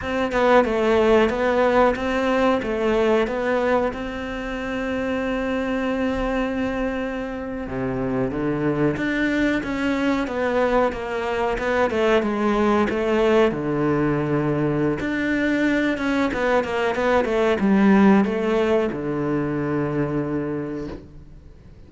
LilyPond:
\new Staff \with { instrumentName = "cello" } { \time 4/4 \tempo 4 = 92 c'8 b8 a4 b4 c'4 | a4 b4 c'2~ | c'2.~ c'8. c16~ | c8. d4 d'4 cis'4 b16~ |
b8. ais4 b8 a8 gis4 a16~ | a8. d2~ d16 d'4~ | d'8 cis'8 b8 ais8 b8 a8 g4 | a4 d2. | }